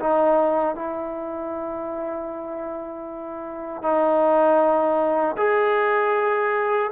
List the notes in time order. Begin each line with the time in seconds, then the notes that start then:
0.00 D#4
0.76 E4
3.83 D#4
5.38 G#4